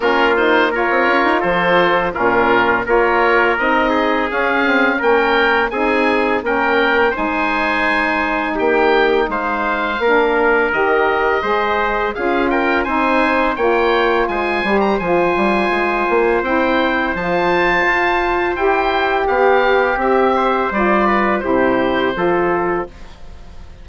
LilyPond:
<<
  \new Staff \with { instrumentName = "oboe" } { \time 4/4 \tempo 4 = 84 ais'8 c''8 cis''4 c''4 ais'4 | cis''4 dis''4 f''4 g''4 | gis''4 g''4 gis''2 | g''4 f''2 dis''4~ |
dis''4 f''8 g''8 gis''4 g''4 | gis''8. ais''16 gis''2 g''4 | a''2 g''4 f''4 | e''4 d''4 c''2 | }
  \new Staff \with { instrumentName = "trumpet" } { \time 4/4 f'4 ais'4 a'4 f'4 | ais'4. gis'4. ais'4 | gis'4 ais'4 c''2 | g'4 c''4 ais'2 |
c''4 gis'8 ais'8 c''4 cis''4 | c''1~ | c''2. g'4~ | g'8 c''4 b'8 g'4 a'4 | }
  \new Staff \with { instrumentName = "saxophone" } { \time 4/4 cis'8 dis'8 f'2 cis'4 | f'4 dis'4 cis'8 c'8 cis'4 | dis'4 cis'4 dis'2~ | dis'2 d'4 g'4 |
gis'4 f'4 dis'4 f'4~ | f'8 g'8 f'2 e'4 | f'2 g'2~ | g'4 f'4 e'4 f'4 | }
  \new Staff \with { instrumentName = "bassoon" } { \time 4/4 ais4~ ais16 c'16 cis'16 dis'16 f4 ais,4 | ais4 c'4 cis'4 ais4 | c'4 ais4 gis2 | ais4 gis4 ais4 dis4 |
gis4 cis'4 c'4 ais4 | gis8 g8 f8 g8 gis8 ais8 c'4 | f4 f'4 e'4 b4 | c'4 g4 c4 f4 | }
>>